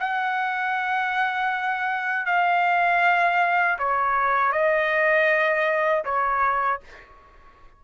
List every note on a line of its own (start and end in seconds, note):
0.00 2.26 F#5
2.26 3.78 F5
3.79 4.52 C#5
4.52 6.04 D#5
6.04 6.80 C#5